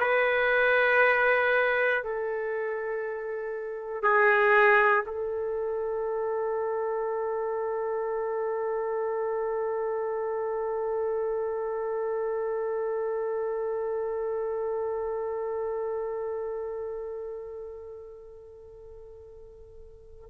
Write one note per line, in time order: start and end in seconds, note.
0.00 2.03 B4
2.03 4.02 A4
4.02 5.04 G#4
5.06 20.30 A4